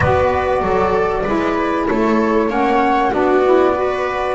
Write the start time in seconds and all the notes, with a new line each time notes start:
0.00 B3 F#4 B4 D5
0.61 F#3 A4
1.23 G#3 E4 B4
1.88 A3 A4 C#5
2.49 A#3 C#4 C#5 F#5
3.11 B3 D4 F#4 D5
3.45 E4
3.75 F#4 B4